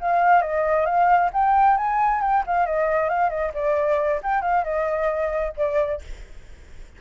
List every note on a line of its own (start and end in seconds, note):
0.00 0.41 F5
0.41 0.85 D#5
0.85 1.30 F5
1.32 1.77 G5
1.77 2.21 G#5
2.21 2.43 G5
2.46 2.65 F5
2.65 3.09 D#5
3.09 3.29 F5
3.29 3.52 D#5
3.54 4.20 D5
4.22 4.41 G5
4.41 4.64 F5
4.64 5.53 D#5
5.57 6.01 D5